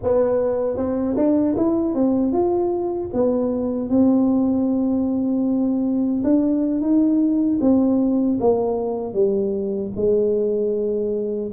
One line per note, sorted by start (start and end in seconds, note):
0.02 0.76 B3
0.76 1.15 C4
1.17 1.55 D4
1.56 1.94 E4
1.94 2.32 C4
2.32 3.10 F4
3.13 3.89 B3
3.89 6.22 C4
6.23 6.80 D4
6.80 7.58 D#4
7.60 8.38 C4
8.40 9.13 A#3
9.13 9.91 G3
9.96 11.51 G#3